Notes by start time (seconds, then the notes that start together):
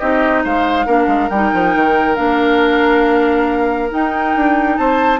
0.00 C4 D#4 G4 D#5
0.44 G#3 C5 F5
0.86 A#3 D4 A#4
1.07 G#3
1.30 G3 D#4 G5
1.54 F3
1.75 D#3
2.16 A#3 D4 F5
3.90 D#4 G5
4.36 D4
4.78 C4 C5 A5